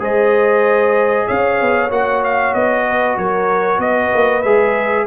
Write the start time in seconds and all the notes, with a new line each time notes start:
0.00 G#3 G#4 C5 D#5
1.27 C#4 C#5 F5
1.62 B3
1.90 A#3 F#4 F#5
2.24 F5
2.55 B3 D#5
2.88 B4
3.17 F#3 A#4 C#5
3.79 B3 B4 D#5
4.15 A#3
4.43 G#3 G#4 E5